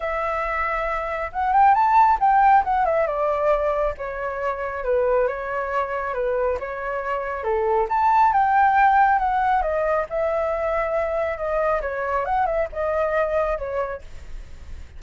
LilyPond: \new Staff \with { instrumentName = "flute" } { \time 4/4 \tempo 4 = 137 e''2. fis''8 g''8 | a''4 g''4 fis''8 e''8 d''4~ | d''4 cis''2 b'4 | cis''2 b'4 cis''4~ |
cis''4 a'4 a''4 g''4~ | g''4 fis''4 dis''4 e''4~ | e''2 dis''4 cis''4 | fis''8 e''8 dis''2 cis''4 | }